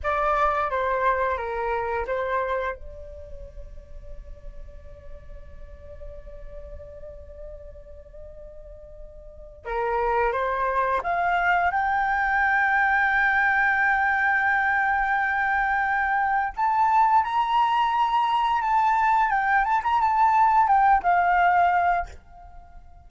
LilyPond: \new Staff \with { instrumentName = "flute" } { \time 4/4 \tempo 4 = 87 d''4 c''4 ais'4 c''4 | d''1~ | d''1~ | d''2 ais'4 c''4 |
f''4 g''2.~ | g''1 | a''4 ais''2 a''4 | g''8 a''16 ais''16 a''4 g''8 f''4. | }